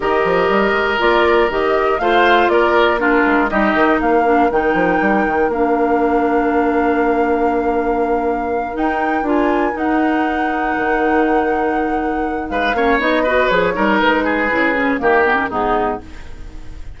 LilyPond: <<
  \new Staff \with { instrumentName = "flute" } { \time 4/4 \tempo 4 = 120 dis''2 d''4 dis''4 | f''4 d''4 ais'4 dis''4 | f''4 g''2 f''4~ | f''1~ |
f''4. g''4 gis''4 fis''8~ | fis''1~ | fis''4 f''4 dis''4 cis''4 | b'2 ais'4 gis'4 | }
  \new Staff \with { instrumentName = "oboe" } { \time 4/4 ais'1 | c''4 ais'4 f'4 g'4 | ais'1~ | ais'1~ |
ais'1~ | ais'1~ | ais'4 b'8 cis''4 b'4 ais'8~ | ais'8 gis'4. g'4 dis'4 | }
  \new Staff \with { instrumentName = "clarinet" } { \time 4/4 g'2 f'4 g'4 | f'2 d'4 dis'4~ | dis'8 d'8 dis'2 d'4~ | d'1~ |
d'4. dis'4 f'4 dis'8~ | dis'1~ | dis'4. cis'8 dis'8 fis'8 gis'8 dis'8~ | dis'4 e'8 cis'8 ais8 b16 cis'16 b4 | }
  \new Staff \with { instrumentName = "bassoon" } { \time 4/4 dis8 f8 g8 gis8 ais4 dis4 | a4 ais4. gis8 g8 dis8 | ais4 dis8 f8 g8 dis8 ais4~ | ais1~ |
ais4. dis'4 d'4 dis'8~ | dis'4. dis2~ dis8~ | dis4 gis8 ais8 b4 f8 g8 | gis4 cis4 dis4 gis,4 | }
>>